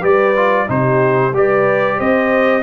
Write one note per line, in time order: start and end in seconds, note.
0.00 0.68 G3
0.00 0.34 G4
0.00 0.65 B4
0.00 0.69 D5
0.36 0.67 F4
0.67 1.32 C3
0.67 1.32 D#4
0.67 1.36 G4
0.67 1.35 C5
1.32 1.98 G3
1.32 2.63 G4
1.32 1.97 B4
1.32 1.99 D5
1.97 2.63 C4
1.97 2.62 C5
1.97 2.63 D#5